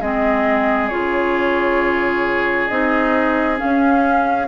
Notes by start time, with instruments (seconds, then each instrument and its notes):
0.00 bassoon G#3, clarinet C4, oboe G#4, flute D#5
0.89 bassoon C#3, clarinet F4, flute C#5
2.68 bassoon C4, clarinet D#4, flute D#5
3.57 clarinet C#4, flute F5
3.64 bassoon C#4